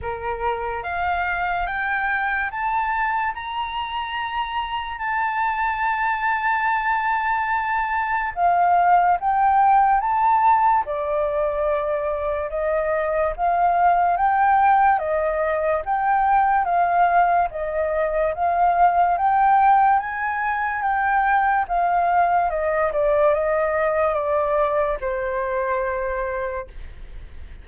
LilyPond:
\new Staff \with { instrumentName = "flute" } { \time 4/4 \tempo 4 = 72 ais'4 f''4 g''4 a''4 | ais''2 a''2~ | a''2 f''4 g''4 | a''4 d''2 dis''4 |
f''4 g''4 dis''4 g''4 | f''4 dis''4 f''4 g''4 | gis''4 g''4 f''4 dis''8 d''8 | dis''4 d''4 c''2 | }